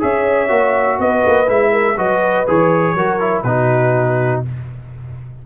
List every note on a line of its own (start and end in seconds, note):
0.00 0.50 C#4
0.00 0.49 G#4
0.00 1.00 C#5
0.00 1.01 E5
0.49 0.99 A#3
0.49 1.47 F#4
0.99 1.24 B3
0.99 1.71 B4
0.99 1.50 D#5
1.27 1.49 A#3
1.47 1.98 G#3
1.47 1.96 E4
1.47 1.98 E5
1.71 1.96 A#4
1.97 2.47 F#3
1.97 2.46 F#4
1.97 2.96 B4
1.97 2.48 D#5
2.48 2.95 E3
2.48 2.97 G#4
2.48 3.43 C#5
2.95 3.43 F#3
2.95 3.20 F#4
2.95 3.45 A#4
3.20 3.45 E4
3.43 4.42 B2
3.43 4.46 D#4
3.43 4.46 F#4
3.43 4.41 B4